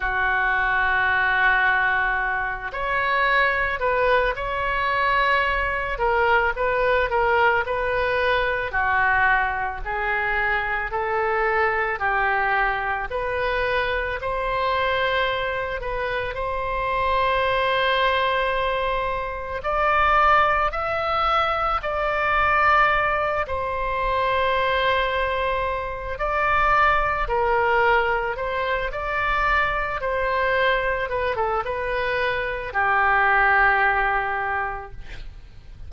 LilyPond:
\new Staff \with { instrumentName = "oboe" } { \time 4/4 \tempo 4 = 55 fis'2~ fis'8 cis''4 b'8 | cis''4. ais'8 b'8 ais'8 b'4 | fis'4 gis'4 a'4 g'4 | b'4 c''4. b'8 c''4~ |
c''2 d''4 e''4 | d''4. c''2~ c''8 | d''4 ais'4 c''8 d''4 c''8~ | c''8 b'16 a'16 b'4 g'2 | }